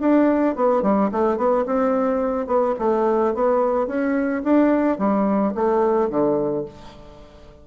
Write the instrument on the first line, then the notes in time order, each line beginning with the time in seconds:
bassoon
0.00 D4
0.56 B3
0.83 G3
1.12 A3
1.37 B3
1.66 C4
2.47 B3
2.79 A3
3.35 B3
3.87 C#4
4.44 D4
4.98 G3
5.55 A3
6.10 D3